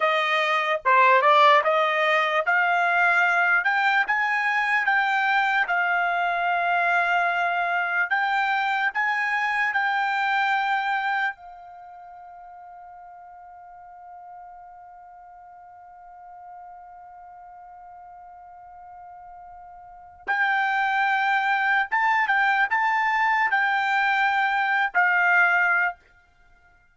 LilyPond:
\new Staff \with { instrumentName = "trumpet" } { \time 4/4 \tempo 4 = 74 dis''4 c''8 d''8 dis''4 f''4~ | f''8 g''8 gis''4 g''4 f''4~ | f''2 g''4 gis''4 | g''2 f''2~ |
f''1~ | f''1~ | f''4 g''2 a''8 g''8 | a''4 g''4.~ g''16 f''4~ f''16 | }